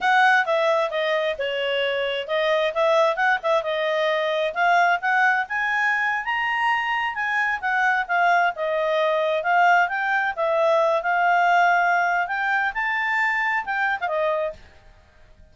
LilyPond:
\new Staff \with { instrumentName = "clarinet" } { \time 4/4 \tempo 4 = 132 fis''4 e''4 dis''4 cis''4~ | cis''4 dis''4 e''4 fis''8 e''8 | dis''2 f''4 fis''4 | gis''4.~ gis''16 ais''2 gis''16~ |
gis''8. fis''4 f''4 dis''4~ dis''16~ | dis''8. f''4 g''4 e''4~ e''16~ | e''16 f''2~ f''8. g''4 | a''2 g''8. f''16 dis''4 | }